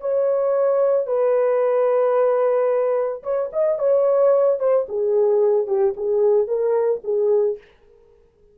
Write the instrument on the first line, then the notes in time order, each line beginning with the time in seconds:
horn
0.00 C#5
1.06 B4
3.23 C#5
3.52 D#5
3.78 C#5
4.59 C5
4.88 G#4
5.67 G4
5.96 G#4
6.47 A#4
7.03 G#4